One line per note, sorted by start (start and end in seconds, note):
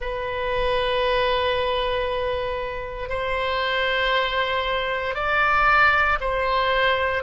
0.00 3.09 B4
3.09 5.14 C5
5.14 6.18 D5
6.20 7.23 C5